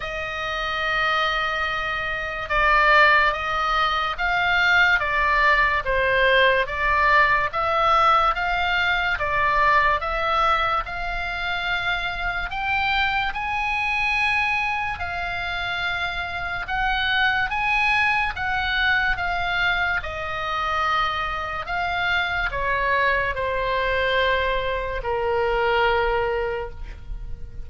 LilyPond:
\new Staff \with { instrumentName = "oboe" } { \time 4/4 \tempo 4 = 72 dis''2. d''4 | dis''4 f''4 d''4 c''4 | d''4 e''4 f''4 d''4 | e''4 f''2 g''4 |
gis''2 f''2 | fis''4 gis''4 fis''4 f''4 | dis''2 f''4 cis''4 | c''2 ais'2 | }